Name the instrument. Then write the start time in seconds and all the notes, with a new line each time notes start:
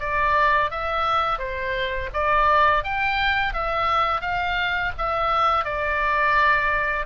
oboe
0.00 D5
0.71 E5
1.39 C5
2.14 D5
2.84 G5
3.54 E5
4.21 F5
4.98 E5
5.65 D5